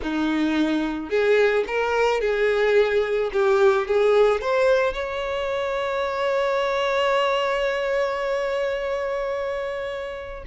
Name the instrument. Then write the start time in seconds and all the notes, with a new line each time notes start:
violin
0.02 D#4
1.09 G#4
1.67 A#4
2.20 G#4
3.32 G4
3.87 G#4
4.41 C5
4.93 C#5